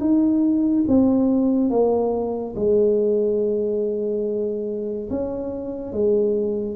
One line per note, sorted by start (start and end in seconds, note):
0.00 0.85 D#4
0.88 1.70 C4
1.70 2.54 A#3
2.56 5.09 G#3
5.10 5.92 C#4
5.92 6.76 G#3